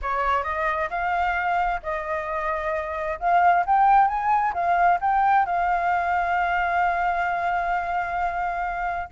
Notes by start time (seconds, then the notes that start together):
0.02 C#5
0.43 D#5
0.90 F5
1.82 D#5
3.19 F5
3.65 G5
4.07 G#5
4.53 F5
5.00 G5
5.45 F5